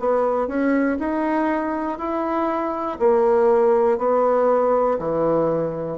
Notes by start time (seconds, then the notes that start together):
0.00 B3
0.48 C#4
1.00 D#4
1.99 E4
2.99 A#3
3.99 B3
4.99 E3